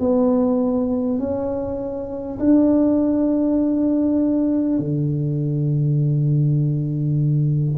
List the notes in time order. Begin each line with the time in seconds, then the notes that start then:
0.00 B3
1.19 C#4
2.39 D4
4.79 D3